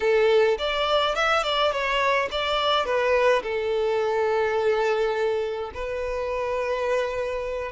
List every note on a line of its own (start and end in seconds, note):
0.00 0.57 A4
0.58 1.15 D5
1.15 1.43 E5
1.43 1.71 D5
1.71 2.29 C#5
2.31 2.85 D5
2.85 3.42 B4
3.42 5.71 A4
5.74 7.71 B4